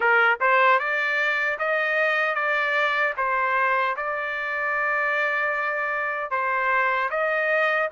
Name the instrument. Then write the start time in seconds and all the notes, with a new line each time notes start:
trumpet
0.00 A#4
0.40 C5
0.79 D5
1.58 D#5
2.34 D5
3.17 C5
3.96 D5
6.30 C5
7.10 D#5